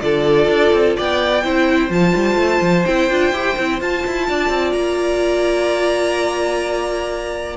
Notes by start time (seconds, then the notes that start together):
0.00 D3 F4 A4 D5
0.48 D4
0.72 C4
0.96 B3 D5 G5
1.43 C4 E4 C5
1.89 F3 F4 A5
2.15 G3
2.36 A3
2.61 F3
2.85 C4 E4 G5
3.09 D4 F4
3.32 E4 G4
3.58 C4 E4
3.80 F4 A5
4.06 E4
4.28 D4 D5
4.49 C4
4.72 A#3 A#5